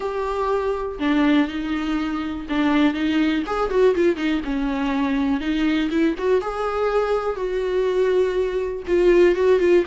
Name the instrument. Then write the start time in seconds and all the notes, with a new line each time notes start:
viola
0.00 G4
0.99 D4
1.48 D#4
2.49 D4
2.94 D#4
3.46 G#4
3.70 F#4
3.95 F4
4.16 D#4
4.44 C#4
5.40 D#4
5.90 E4
6.18 F#4
6.41 G#4
7.35 F#4
8.87 F4
9.35 F#4
9.59 F4